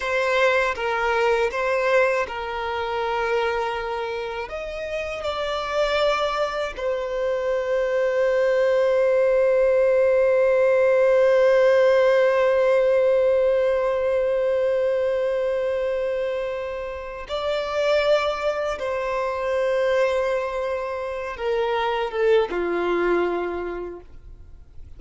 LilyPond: \new Staff \with { instrumentName = "violin" } { \time 4/4 \tempo 4 = 80 c''4 ais'4 c''4 ais'4~ | ais'2 dis''4 d''4~ | d''4 c''2.~ | c''1~ |
c''1~ | c''2. d''4~ | d''4 c''2.~ | c''8 ais'4 a'8 f'2 | }